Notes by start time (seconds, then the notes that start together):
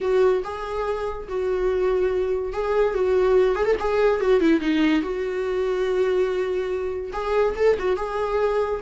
0.00 F#4
0.43 G#4
1.28 F#4
2.52 G#4
2.94 F#4
3.55 G#4
3.65 A4
3.79 G#4
4.20 F#4
4.40 E4
4.60 D#4
5.01 F#4
7.13 G#4
7.56 A4
7.79 F#4
7.96 G#4